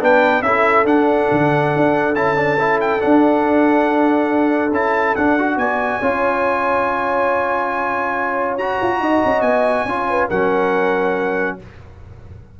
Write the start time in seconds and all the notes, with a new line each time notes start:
0.00 B3 D4 B4 G5
0.41 C#4 E4 A4 E5
0.84 D4 F#5
1.31 D3
1.76 D4
2.15 C#4 E4 A5
2.36 D4
2.59 E4
2.80 G5
2.99 D4 F#5
4.71 C#4 E4 A5
5.15 D4 F#5
5.38 F#4
5.56 B3 D5 G#5
5.99 C#4 F4 C#5
8.56 F#4 A#5
8.82 F4
8.99 D#4 D#5
9.25 C#4
9.41 B3 G#5
9.85 C#4 F4 C#5
10.09 B4
10.28 F#3 C#4 A#4 F#5